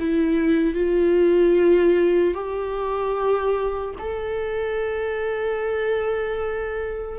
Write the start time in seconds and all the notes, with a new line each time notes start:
0.00 E4
0.75 F4
2.35 G4
4.00 A4